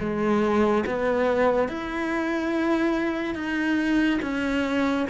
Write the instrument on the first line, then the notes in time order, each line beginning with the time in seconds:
cello
0.00 G#3
0.86 B3
1.69 E4
3.35 D#4
4.22 C#4